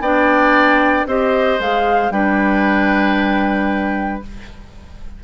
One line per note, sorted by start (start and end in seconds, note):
0.00 1.05 B3
0.00 1.08 D4
0.00 1.07 D5
0.00 1.07 G5
1.06 1.59 C4
1.06 1.60 G4
1.06 2.13 C5
1.06 1.60 D#5
1.59 2.10 G#3
1.59 2.12 G#4
1.59 2.12 F5
2.10 4.21 G3
2.10 4.22 D4
2.10 4.24 B4
2.10 4.22 G5